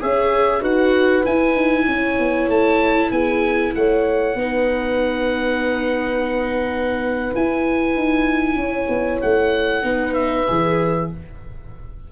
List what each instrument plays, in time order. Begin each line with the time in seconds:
0.00 tuba C#4, viola G#4, horn C#5, oboe E5
0.61 tuba D#4, viola F#4, horn B4, oboe F#5
1.23 viola E4, tuba E4, oboe G#5
1.55 tuba D#4
1.86 tuba C#4, horn C#5
2.19 tuba B3
2.48 tuba A3, oboe A5
3.11 tuba B3, horn G#4, oboe G#5
3.76 tuba A3, horn C#5, oboe F#5
4.35 tuba B3, viola D#4, horn B4
7.35 tuba E4, viola E4, oboe G#5
7.96 tuba D#4
8.56 tuba C#4, horn C#5
8.89 tuba B3
9.22 tuba A3, oboe F#5
9.83 tuba B3, viola D#4, horn B4
10.14 oboe E5
10.48 tuba E3, viola G#4